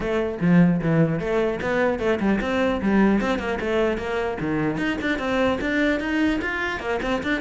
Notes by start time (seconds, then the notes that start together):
0.00 A3
0.41 F3
0.81 E3
1.19 A3
1.61 B3
1.99 A3
2.20 G3
2.41 C4
2.81 G3
3.20 C4
3.38 A#3
3.59 A3
3.97 A#3
4.40 D#3
4.77 D#4
5.01 D4
5.19 C4
5.60 D4
6.00 D#4
6.41 F4
6.79 A#3
7.02 C4
7.23 D4